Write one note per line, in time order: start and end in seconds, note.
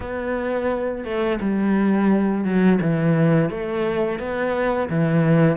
0.00 1.04 B3
1.04 1.39 A3
1.40 2.44 G3
2.44 2.79 F#3
2.81 3.50 E3
3.50 4.19 A3
4.19 4.88 B3
4.89 5.57 E3